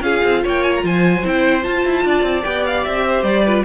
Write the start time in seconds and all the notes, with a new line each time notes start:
0.00 C#4 F4 G#4 F5
0.23 C4
0.43 A#3 C#5 G5
0.63 G#5
0.75 A#5
0.83 F3 C5 G#5
1.23 C4 E4 G5
1.61 F4 A5
1.85 E4
2.04 D4 D5
2.22 C4
2.43 B3 G4 G5
2.66 F5
2.84 C4 E5
3.06 C5
3.22 G3 D5
3.44 F4 B4